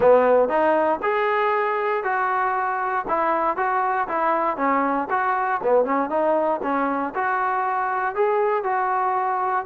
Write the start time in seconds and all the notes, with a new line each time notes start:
0.00 B3
0.49 D#4
1.02 G#4
2.03 F#4
3.07 E4
3.56 F#4
4.08 E4
4.56 C#4
5.10 F#4
5.63 B3
5.84 C#4
6.09 D#4
6.62 C#4
7.14 F#4
8.15 G#4
8.63 F#4